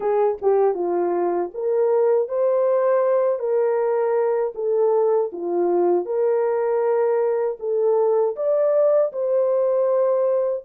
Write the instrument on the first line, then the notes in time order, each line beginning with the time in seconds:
horn
0.00 G#4
0.41 G4
0.74 F4
1.54 A#4
2.28 C5
3.39 A#4
4.55 A4
5.32 F4
6.06 A#4
7.59 A4
8.36 D5
9.12 C5